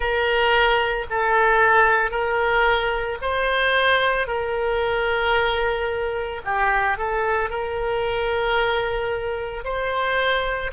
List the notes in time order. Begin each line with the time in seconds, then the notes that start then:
0.00 A#4
1.10 A4
2.10 A#4
3.21 C5
4.27 A#4
6.44 G4
6.97 A4
7.50 A#4
9.64 C5